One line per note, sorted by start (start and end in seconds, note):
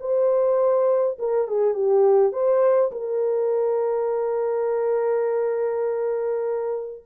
0.00 1.18 C5
1.19 1.48 A#4
1.48 1.74 G#4
1.74 2.32 G4
2.32 2.91 C5
2.92 7.03 A#4